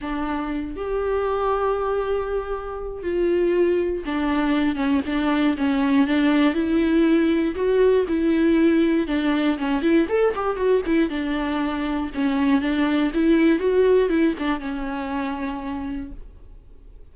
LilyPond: \new Staff \with { instrumentName = "viola" } { \time 4/4 \tempo 4 = 119 d'4. g'2~ g'8~ | g'2 f'2 | d'4. cis'8 d'4 cis'4 | d'4 e'2 fis'4 |
e'2 d'4 cis'8 e'8 | a'8 g'8 fis'8 e'8 d'2 | cis'4 d'4 e'4 fis'4 | e'8 d'8 cis'2. | }